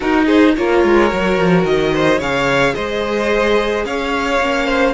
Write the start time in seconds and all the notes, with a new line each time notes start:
0.00 D#4 F#4 A#4
0.25 G#4 C5
0.56 A#3 F4 A#4 C#5
0.83 G#3
1.09 F#3 F#4
1.38 F3
1.63 D#3 D#5
1.93 C5
2.18 C#3 G#4 C#5 F5
2.74 G#3 C5 D#5
3.85 C#4 C#5 F5
4.40 A#3 C#4
4.66 C5